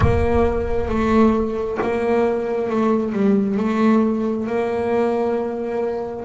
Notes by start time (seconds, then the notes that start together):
0.00 A#3
0.88 A3
1.81 A#3
2.69 A3
3.12 G3
3.57 A3
4.46 A#3